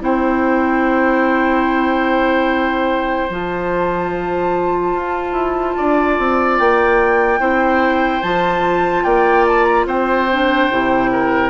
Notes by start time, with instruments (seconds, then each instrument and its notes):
0.00 bassoon C4, clarinet E4, oboe C5, flute G5
3.30 bassoon F3, clarinet F4, flute A5
4.94 bassoon F4
5.33 bassoon E4
5.77 bassoon D4, oboe D5
6.19 bassoon C4
6.59 bassoon A#3, flute G5
7.40 bassoon C4, clarinet E4, oboe C5
8.22 bassoon F3, clarinet F4, flute A5
9.04 bassoon A#3, oboe D5, flute G5
9.48 flute A5
9.64 flute A#5
9.86 bassoon C4, oboe C5, flute G5
10.31 clarinet D4
10.71 bassoon C3, clarinet E4
11.12 oboe A#4